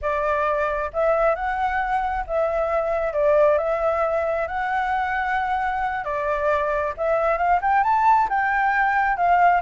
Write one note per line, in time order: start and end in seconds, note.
0.01 0.91 D5
0.93 1.35 E5
1.35 2.24 F#5
2.26 3.13 E5
3.13 3.58 D5
3.58 4.47 E5
4.47 6.04 F#5
6.04 6.93 D5
6.97 7.37 E5
7.37 7.59 F5
7.61 7.83 G5
7.83 8.28 A5
8.29 9.16 G5
9.16 9.61 F5